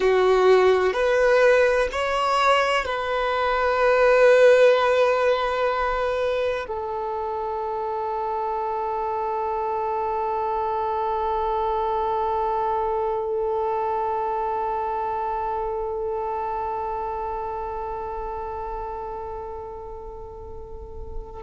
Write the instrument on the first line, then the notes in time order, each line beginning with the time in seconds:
violin
0.00 F#4
0.93 B4
1.92 C#5
2.85 B4
6.67 A4